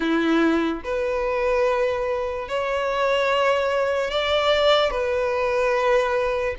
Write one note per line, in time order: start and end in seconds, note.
0.00 0.82 E4
0.84 2.48 B4
2.48 4.11 C#5
4.11 4.91 D5
4.91 6.55 B4